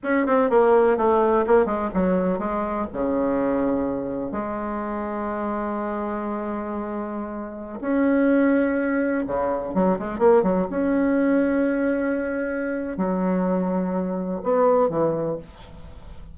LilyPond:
\new Staff \with { instrumentName = "bassoon" } { \time 4/4 \tempo 4 = 125 cis'8 c'8 ais4 a4 ais8 gis8 | fis4 gis4 cis2~ | cis4 gis2.~ | gis1~ |
gis16 cis'2. cis8.~ | cis16 fis8 gis8 ais8 fis8 cis'4.~ cis'16~ | cis'2. fis4~ | fis2 b4 e4 | }